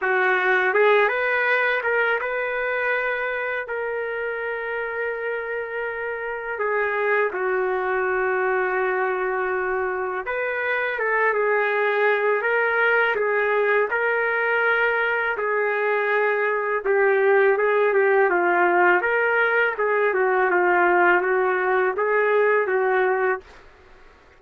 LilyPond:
\new Staff \with { instrumentName = "trumpet" } { \time 4/4 \tempo 4 = 82 fis'4 gis'8 b'4 ais'8 b'4~ | b'4 ais'2.~ | ais'4 gis'4 fis'2~ | fis'2 b'4 a'8 gis'8~ |
gis'4 ais'4 gis'4 ais'4~ | ais'4 gis'2 g'4 | gis'8 g'8 f'4 ais'4 gis'8 fis'8 | f'4 fis'4 gis'4 fis'4 | }